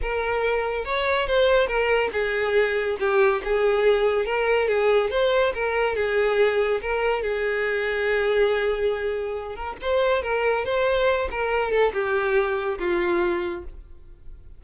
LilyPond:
\new Staff \with { instrumentName = "violin" } { \time 4/4 \tempo 4 = 141 ais'2 cis''4 c''4 | ais'4 gis'2 g'4 | gis'2 ais'4 gis'4 | c''4 ais'4 gis'2 |
ais'4 gis'2.~ | gis'2~ gis'8 ais'8 c''4 | ais'4 c''4. ais'4 a'8 | g'2 f'2 | }